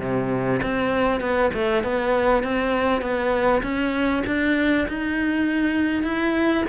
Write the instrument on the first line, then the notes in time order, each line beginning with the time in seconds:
cello
0.00 C3
0.63 C4
1.21 B3
1.54 A3
1.83 B3
2.44 C4
3.01 B3
3.63 C#4
4.27 D4
4.88 D#4
6.04 E4